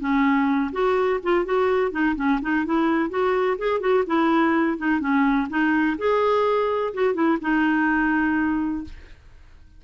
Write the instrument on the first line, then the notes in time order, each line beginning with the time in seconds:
clarinet
0.00 C#4
0.73 F#4
1.24 F4
1.45 F#4
1.92 D#4
2.16 C#4
2.42 D#4
2.66 E4
3.10 F#4
3.59 G#4
3.80 F#4
4.07 E4
4.78 D#4
5.01 C#4
5.50 D#4
5.98 G#4
6.94 F#4
7.15 E4
7.42 D#4